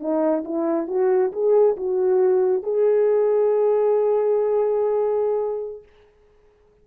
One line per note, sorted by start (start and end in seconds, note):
0.00 0.44 D#4
0.45 0.88 E4
0.88 1.32 F#4
1.32 1.76 G#4
1.77 2.63 F#4
2.63 5.83 G#4